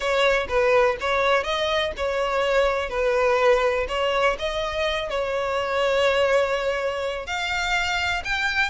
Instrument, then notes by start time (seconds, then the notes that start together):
violin
0.00 C#5
0.48 B4
1.00 C#5
1.43 D#5
1.96 C#5
2.89 B4
3.88 C#5
4.39 D#5
5.09 C#5
7.26 F5
8.24 G5